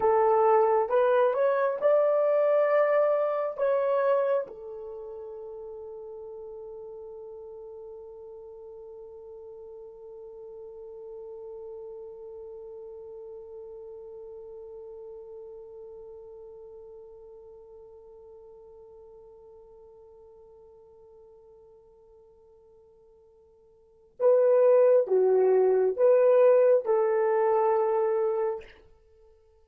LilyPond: \new Staff \with { instrumentName = "horn" } { \time 4/4 \tempo 4 = 67 a'4 b'8 cis''8 d''2 | cis''4 a'2.~ | a'1~ | a'1~ |
a'1~ | a'1~ | a'2. b'4 | fis'4 b'4 a'2 | }